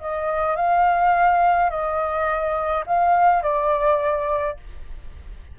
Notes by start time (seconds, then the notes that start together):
0.00 D#5
0.57 F5
1.70 D#5
2.87 F5
3.43 D5